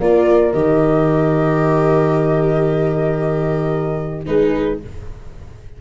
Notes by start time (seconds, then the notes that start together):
0.00 A#3 F4 A#4 D5
0.53 D#3 G4 D#5
4.26 G#3 D#4 G#4 B4